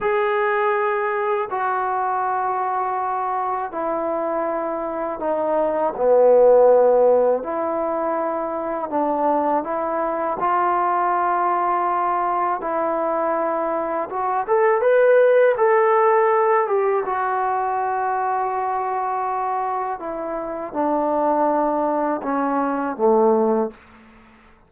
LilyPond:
\new Staff \with { instrumentName = "trombone" } { \time 4/4 \tempo 4 = 81 gis'2 fis'2~ | fis'4 e'2 dis'4 | b2 e'2 | d'4 e'4 f'2~ |
f'4 e'2 fis'8 a'8 | b'4 a'4. g'8 fis'4~ | fis'2. e'4 | d'2 cis'4 a4 | }